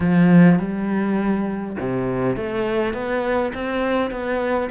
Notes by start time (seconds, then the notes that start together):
0.00 F3
0.59 G3
1.79 C3
2.36 A3
2.93 B3
3.53 C4
4.10 B3